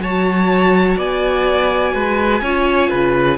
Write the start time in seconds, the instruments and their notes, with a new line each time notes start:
0.00 cello F#3, viola F#4, violin C#5 A5
0.97 cello B3, violin D5 G#5
1.94 cello G#3, violin B4
2.42 cello C#4, viola F4, violin C#5
2.90 cello C#3, violin B4